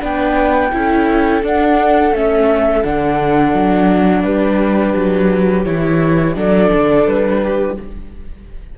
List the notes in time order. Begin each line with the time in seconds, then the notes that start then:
0.00 B3 D4 B4 G5
0.73 C#4 E4 A4
1.42 D4 F#5
2.13 A3 C#4 E5
2.83 D3 D4 F#5
3.54 F#3
4.24 G3 G4 B4
4.95 F#3
5.65 E3 E4 C#5
6.35 F#3 D4 A4 D5
6.73 D3
7.07 G3 B4
7.42 G4